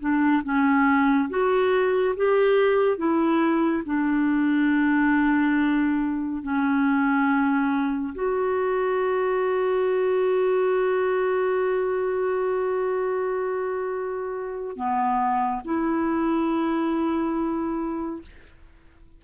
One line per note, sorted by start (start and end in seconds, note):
0.00 0.43 D4
0.44 1.29 C#4
1.30 2.15 F#4
2.17 2.98 G4
2.98 3.83 E4
3.86 6.43 D4
6.43 8.14 C#4
8.15 14.77 F#4
14.77 15.62 B3
15.65 18.22 E4